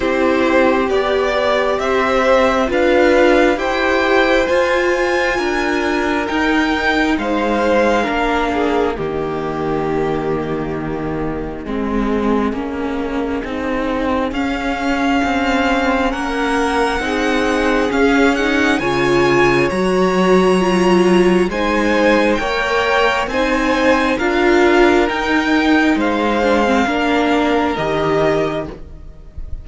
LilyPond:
<<
  \new Staff \with { instrumentName = "violin" } { \time 4/4 \tempo 4 = 67 c''4 d''4 e''4 f''4 | g''4 gis''2 g''4 | f''2 dis''2~ | dis''1 |
f''2 fis''2 | f''8 fis''8 gis''4 ais''2 | gis''4 g''4 gis''4 f''4 | g''4 f''2 dis''4 | }
  \new Staff \with { instrumentName = "violin" } { \time 4/4 g'2 c''4 b'4 | c''2 ais'2 | c''4 ais'8 gis'8 g'2~ | g'4 gis'2.~ |
gis'2 ais'4 gis'4~ | gis'4 cis''2. | c''4 cis''4 c''4 ais'4~ | ais'4 c''4 ais'2 | }
  \new Staff \with { instrumentName = "viola" } { \time 4/4 e'4 g'2 f'4 | g'4 f'2 dis'4~ | dis'4 d'4 ais2~ | ais4 c'4 cis'4 dis'4 |
cis'2. dis'4 | cis'8 dis'8 f'4 fis'4 f'4 | dis'4 ais'4 dis'4 f'4 | dis'4. d'16 c'16 d'4 g'4 | }
  \new Staff \with { instrumentName = "cello" } { \time 4/4 c'4 b4 c'4 d'4 | e'4 f'4 d'4 dis'4 | gis4 ais4 dis2~ | dis4 gis4 ais4 c'4 |
cis'4 c'4 ais4 c'4 | cis'4 cis4 fis2 | gis4 ais4 c'4 d'4 | dis'4 gis4 ais4 dis4 | }
>>